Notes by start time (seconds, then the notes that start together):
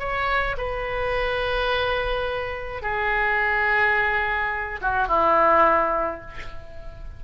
0.00 C#5
0.58 B4
2.83 G#4
4.82 F#4
5.08 E4